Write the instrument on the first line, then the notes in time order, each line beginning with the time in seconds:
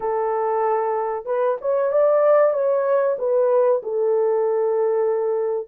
horn
0.00 A4
1.25 B4
1.61 C#5
1.91 D5
2.53 C#5
3.18 B4
3.82 A4